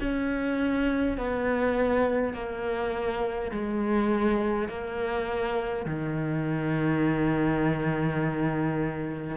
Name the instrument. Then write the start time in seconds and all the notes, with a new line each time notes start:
cello
0.00 C#4
1.18 B3
2.33 A#3
3.51 G#3
4.68 A#3
5.85 D#3